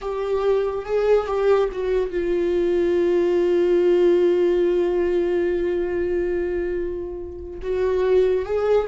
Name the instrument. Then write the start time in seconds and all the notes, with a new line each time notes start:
viola
0.01 G4
0.85 G#4
1.27 G4
1.72 F#4
2.10 F4
7.62 F#4
8.45 G#4